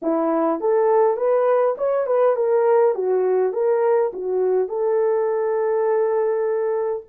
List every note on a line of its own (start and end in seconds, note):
0.02 0.60 E4
0.60 1.16 A4
1.16 1.75 B4
1.77 2.06 C#5
2.06 2.36 B4
2.36 2.94 A#4
2.94 3.52 F#4
3.52 4.11 A#4
4.13 4.68 F#4
4.68 7.03 A4